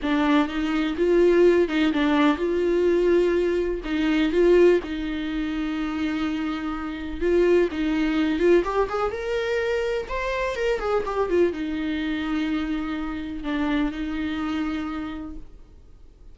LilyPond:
\new Staff \with { instrumentName = "viola" } { \time 4/4 \tempo 4 = 125 d'4 dis'4 f'4. dis'8 | d'4 f'2. | dis'4 f'4 dis'2~ | dis'2. f'4 |
dis'4. f'8 g'8 gis'8 ais'4~ | ais'4 c''4 ais'8 gis'8 g'8 f'8 | dis'1 | d'4 dis'2. | }